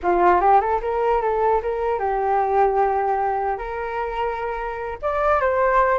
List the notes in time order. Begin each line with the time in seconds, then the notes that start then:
0.02 F4
0.40 G4
0.60 A4
0.81 A#4
1.21 A4
1.62 A#4
1.99 G4
3.58 A#4
5.02 D5
5.40 C5